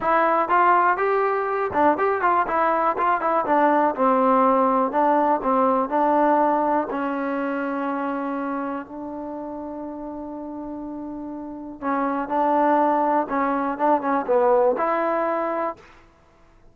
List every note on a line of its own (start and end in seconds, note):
0.00 0.49 E4
0.49 0.97 F4
0.97 1.71 G4
1.73 1.97 D4
1.97 2.21 G4
2.21 2.46 F4
2.47 2.96 E4
2.97 3.20 F4
3.20 3.45 E4
3.45 3.95 D4
3.95 4.91 C4
4.91 5.40 D4
5.42 5.89 C4
5.89 6.87 D4
6.90 8.86 C#4
8.86 11.81 D4
11.81 12.28 C#4
12.28 13.27 D4
13.29 13.78 C#4
13.78 14.01 D4
14.01 14.25 C#4
14.26 14.75 B3
14.77 15.76 E4